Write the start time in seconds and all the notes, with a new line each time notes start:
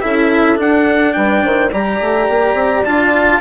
0.00 C#4 E4 A4 E5
0.56 D4 F#5
1.13 G3 B4 G5
1.44 D#3 C5
1.72 G3 G4 D5 A#5
2.01 A3
2.29 A#3
2.54 C4
2.85 D4 F4 A5